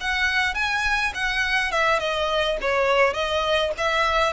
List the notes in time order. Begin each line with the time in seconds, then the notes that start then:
0.00 F#5
0.54 G#5
1.14 F#5
1.71 E5
1.99 D#5
2.61 C#5
3.13 D#5
3.77 E5